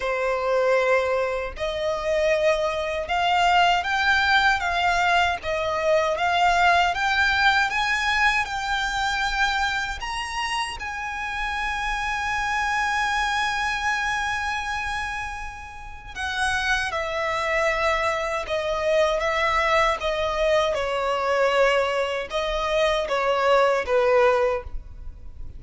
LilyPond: \new Staff \with { instrumentName = "violin" } { \time 4/4 \tempo 4 = 78 c''2 dis''2 | f''4 g''4 f''4 dis''4 | f''4 g''4 gis''4 g''4~ | g''4 ais''4 gis''2~ |
gis''1~ | gis''4 fis''4 e''2 | dis''4 e''4 dis''4 cis''4~ | cis''4 dis''4 cis''4 b'4 | }